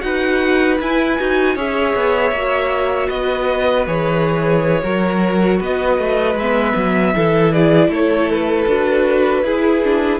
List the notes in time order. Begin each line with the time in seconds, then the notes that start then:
0.00 D#4 F#4 B4 F#5
0.80 E4 G#5
1.18 D#4 F#4
1.55 C#4 G#4 C#5 E5
1.95 B3
2.31 A#3 F#4
3.08 B3 B4 D#5
3.87 E3 G#4 C#5
4.82 F#3 F#4 A#4
5.60 B3 B4 D#5
5.99 A3
6.35 G#3 E5
6.42 B3
6.76 F#3
7.15 E3 E4 A4
7.53 G#4 D5
7.89 A3 A4 C#5
8.32 B4
8.67 D4 F#4
9.43 E4 G#4
9.83 D4